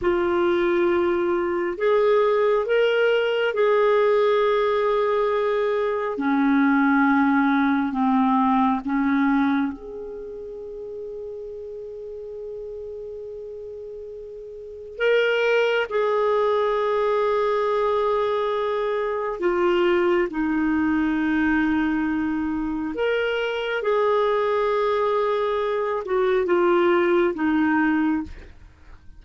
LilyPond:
\new Staff \with { instrumentName = "clarinet" } { \time 4/4 \tempo 4 = 68 f'2 gis'4 ais'4 | gis'2. cis'4~ | cis'4 c'4 cis'4 gis'4~ | gis'1~ |
gis'4 ais'4 gis'2~ | gis'2 f'4 dis'4~ | dis'2 ais'4 gis'4~ | gis'4. fis'8 f'4 dis'4 | }